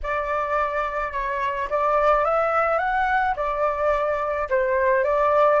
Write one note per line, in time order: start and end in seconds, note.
0.02 1.12 D5
1.12 1.68 C#5
1.70 2.25 D5
2.25 2.78 E5
2.78 3.34 F#5
3.36 4.48 D5
4.49 5.04 C5
5.04 5.60 D5